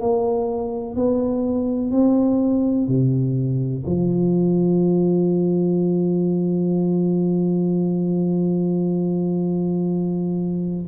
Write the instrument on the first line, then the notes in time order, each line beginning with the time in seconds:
tuba
0.00 A#3
0.95 B3
1.91 C4
2.87 C3
3.86 F3